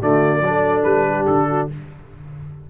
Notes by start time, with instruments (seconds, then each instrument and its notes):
0.00 tuba D3, trombone A3, horn F#4, trumpet D5
0.42 tuba F#3, trombone D4
0.48 horn A4
0.84 tuba G3, trumpet B4
1.08 horn G4
1.27 tuba D3, trumpet A4
1.49 horn F#4